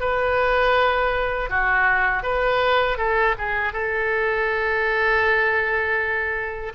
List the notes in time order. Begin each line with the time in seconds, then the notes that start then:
0.00 B4
1.49 F#4
2.23 B4
2.98 A4
3.38 G#4
3.73 A4